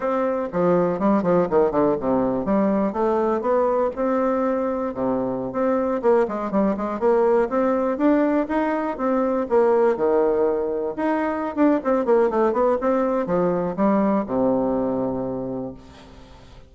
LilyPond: \new Staff \with { instrumentName = "bassoon" } { \time 4/4 \tempo 4 = 122 c'4 f4 g8 f8 dis8 d8 | c4 g4 a4 b4 | c'2 c4~ c16 c'8.~ | c'16 ais8 gis8 g8 gis8 ais4 c'8.~ |
c'16 d'4 dis'4 c'4 ais8.~ | ais16 dis2 dis'4~ dis'16 d'8 | c'8 ais8 a8 b8 c'4 f4 | g4 c2. | }